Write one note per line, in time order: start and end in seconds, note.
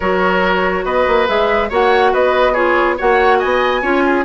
0.00 0.84 F#3
0.00 1.27 F#4
0.00 0.84 A#4
0.00 0.85 C#5
0.84 1.05 B3
0.84 1.69 B4
0.84 1.27 D#5
1.07 1.28 A#3
1.27 1.70 G#3
1.27 1.70 G#4
1.27 1.70 E5
1.69 2.13 A#3
1.69 2.55 F#4
1.69 2.11 C#5
1.69 2.14 F#5
2.12 2.99 B3
2.12 2.52 B4
2.12 2.54 D#5
2.52 2.97 F4
2.52 2.95 G#4
2.52 2.96 C#5
2.97 3.43 A#3
2.97 3.82 F#4
2.97 3.38 C#5
2.97 3.39 F#5
3.38 3.82 B3
3.38 3.81 D#5
3.38 4.24 G#5
3.81 4.24 C#4
3.81 4.24 F4
3.81 4.02 C#5
4.06 4.24 G#4